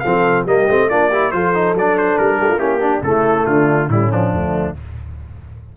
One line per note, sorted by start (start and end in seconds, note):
0.00 0.46 F3
0.00 0.46 A4
0.00 0.43 F5
0.06 0.47 C4
0.46 0.67 G3
0.46 0.69 A#3
0.46 0.89 G4
0.46 0.90 D#5
0.70 0.91 A3
0.70 0.90 C4
0.90 1.33 A#3
0.90 1.12 D4
0.90 1.10 F4
0.90 1.32 D5
1.10 1.33 E4
1.10 1.31 G4
1.32 1.74 F3
1.32 1.54 F4
1.32 2.38 A4
1.32 1.75 C5
1.55 1.76 D#4
1.74 2.17 F#3
1.74 2.58 D4
1.74 1.98 D5
1.98 2.18 C5
2.18 2.41 G3
2.18 2.59 A#4
2.38 2.57 A3
2.38 2.48 G4
2.48 2.58 F4
2.57 3.00 A#3
2.57 2.80 C#4
2.57 2.80 E4
2.57 3.02 G4
2.80 3.01 D4
2.80 3.04 D4
3.02 3.45 C#3
3.02 3.90 A3
3.02 3.47 E4
3.02 3.46 A4
3.46 3.89 D3
3.46 3.90 D4
3.46 3.89 F4
3.89 4.32 A2
3.89 4.10 G3
3.89 4.34 C#4
3.89 4.12 E4
4.10 4.75 F3
4.10 4.76 D4
4.33 4.76 D2
4.33 4.77 A3